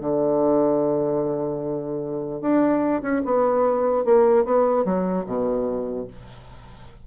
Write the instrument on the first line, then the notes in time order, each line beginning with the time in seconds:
bassoon
0.00 D3
2.41 D4
3.02 C#4
3.25 B3
4.05 A#3
4.45 B3
4.85 F#3
5.26 B2